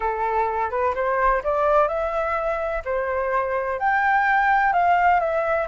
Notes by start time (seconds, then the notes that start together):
0.00 A4
0.70 B4
0.94 C5
1.43 D5
1.88 E5
2.84 C5
3.79 G5
4.72 F5
5.20 E5